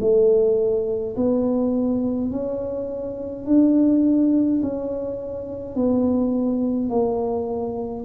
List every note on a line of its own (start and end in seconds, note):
0.00 1.15 A3
1.16 2.31 B3
2.31 3.46 C#4
3.46 4.61 D4
4.62 5.75 C#4
5.75 6.89 B3
6.89 8.05 A#3